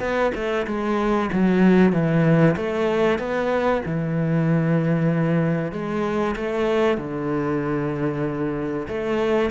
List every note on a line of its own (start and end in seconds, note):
0.00 0.32 B3
0.35 0.66 A3
0.67 1.30 G#3
1.33 1.92 F#3
1.92 2.56 E3
2.57 3.19 A3
3.19 3.82 B3
3.86 5.72 E3
5.72 6.35 G#3
6.36 6.98 A3
6.98 8.87 D3
8.88 9.51 A3